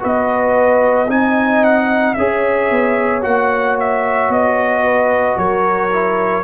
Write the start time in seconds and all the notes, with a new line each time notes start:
0.00 B3 F#4 B4 D#5
1.08 C4 D#4 D#5 G#5
1.65 F#5
2.14 C#4 G#4 C#5 E5
2.71 B3
3.22 A#3 F#4 F#5
3.80 E5
4.29 B3 D#5
4.85 B4
5.37 F#3 A#4 C#5
5.93 E4